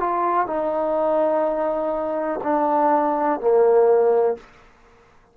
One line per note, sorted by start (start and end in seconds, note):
0.00 0.47 F4
0.47 2.40 D#4
2.43 3.40 D4
3.40 4.37 A#3